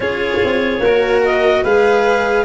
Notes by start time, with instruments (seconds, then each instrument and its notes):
0.00 tuba C#4, cello F4, violin G#4, clarinet C#5
0.44 tuba C4
0.79 tuba A#3, violin A#4
0.86 cello F#4
1.24 clarinet D#5
1.62 tuba G#3, cello G#4, violin B4, clarinet F5